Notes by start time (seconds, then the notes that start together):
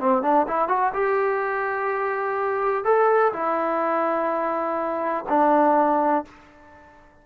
0.00 C4
0.22 D4
0.48 E4
0.69 F#4
0.94 G4
2.84 A4
3.33 E4
5.29 D4